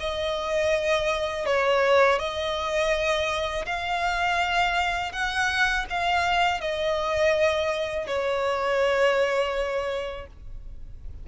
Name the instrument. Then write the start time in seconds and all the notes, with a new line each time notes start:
violin
0.00 D#5
1.46 C#5
2.19 D#5
3.66 F5
5.13 F#5
5.90 F5
6.61 D#5
8.07 C#5